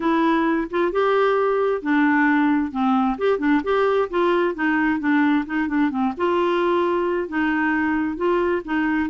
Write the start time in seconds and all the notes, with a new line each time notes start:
0.00 E4
0.70 F4
0.92 G4
1.82 D4
2.71 C4
3.18 G4
3.39 D4
3.63 G4
4.10 F4
4.55 D#4
4.99 D4
5.46 D#4
5.68 D4
5.90 C4
6.17 F4
7.28 D#4
8.16 F4
8.64 D#4